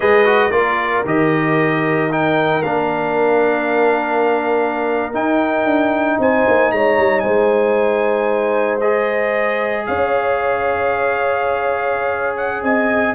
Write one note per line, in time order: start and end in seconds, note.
0.00 0.50 G#3
0.00 0.25 G#4
0.00 0.52 B4
0.00 0.51 D#5
0.25 0.51 F#4
0.50 1.03 A#3
0.50 1.04 F4
0.50 6.19 A#4
0.50 1.03 D5
1.05 2.63 D#3
1.05 2.10 G4
1.05 2.12 D#5
2.10 2.62 D#4
2.10 2.62 G5
2.62 5.14 A#3
2.62 5.12 D4
2.62 5.12 F5
5.12 8.80 D#4
5.12 5.64 D#4
5.12 6.19 G5
5.64 6.17 D4
6.18 6.45 C4
6.18 6.73 C5
6.18 6.71 G#5
6.48 6.71 A#3
6.71 6.97 G#3
6.71 7.23 C#5
6.71 7.19 A#5
6.97 7.23 G3
7.19 9.87 G#3
7.19 9.86 C5
7.19 8.77 G#5
8.80 13.14 G#4
8.80 9.85 D#5
9.86 12.62 C#4
9.86 12.63 C#5
9.86 12.36 F5
12.37 12.63 F#5
12.62 13.14 C4
12.62 13.14 D#5
12.62 13.14 G#5